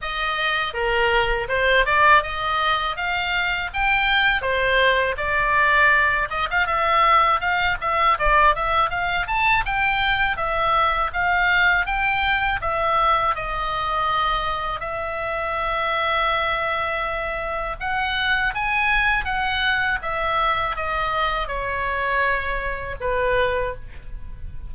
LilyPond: \new Staff \with { instrumentName = "oboe" } { \time 4/4 \tempo 4 = 81 dis''4 ais'4 c''8 d''8 dis''4 | f''4 g''4 c''4 d''4~ | d''8 dis''16 f''16 e''4 f''8 e''8 d''8 e''8 | f''8 a''8 g''4 e''4 f''4 |
g''4 e''4 dis''2 | e''1 | fis''4 gis''4 fis''4 e''4 | dis''4 cis''2 b'4 | }